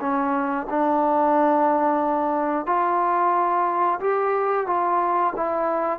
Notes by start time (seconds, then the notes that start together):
0.00 C#4
0.69 D4
2.66 F4
4.00 G4
4.66 F4
5.35 E4